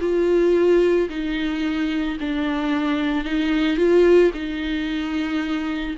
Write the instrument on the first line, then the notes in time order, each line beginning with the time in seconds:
viola
0.00 F4
1.09 D#4
2.20 D4
3.24 D#4
3.77 F4
4.33 D#4